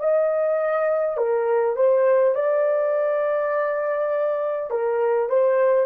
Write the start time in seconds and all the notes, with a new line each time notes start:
0.00 D#5
1.18 A#4
1.76 C5
2.35 D5
4.71 A#4
5.29 C5